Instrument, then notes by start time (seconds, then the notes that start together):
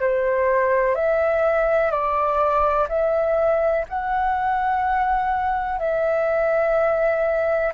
flute
0.00 C5
0.95 E5
1.90 D5
2.89 E5
3.88 F#5
5.79 E5